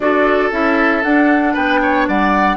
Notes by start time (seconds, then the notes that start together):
0.00 D4 F#4 A4 D5
0.51 C#4 E4 E5
1.02 D4 F#5
1.53 B3 B4 G5
1.82 C#5
2.07 G3 D5 F#5